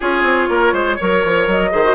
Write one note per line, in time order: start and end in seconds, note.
0.00 0.22 C#4
0.00 0.99 F4
0.00 0.49 G#4
0.00 1.48 C#5
0.22 0.47 C4
0.49 0.72 A#3
0.49 0.73 A#4
0.72 0.97 G#3
0.72 0.96 C5
0.96 1.24 F#3
0.96 1.71 A#4
0.96 1.70 C#5
1.24 1.47 F3
1.47 1.71 F#3
1.47 1.95 D#5
1.71 1.95 D#3
1.71 1.83 G#4
1.71 1.95 C5
1.83 1.95 F#4